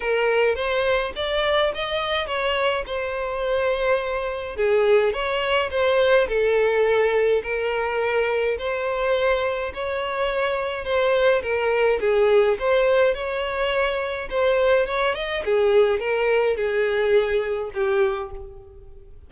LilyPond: \new Staff \with { instrumentName = "violin" } { \time 4/4 \tempo 4 = 105 ais'4 c''4 d''4 dis''4 | cis''4 c''2. | gis'4 cis''4 c''4 a'4~ | a'4 ais'2 c''4~ |
c''4 cis''2 c''4 | ais'4 gis'4 c''4 cis''4~ | cis''4 c''4 cis''8 dis''8 gis'4 | ais'4 gis'2 g'4 | }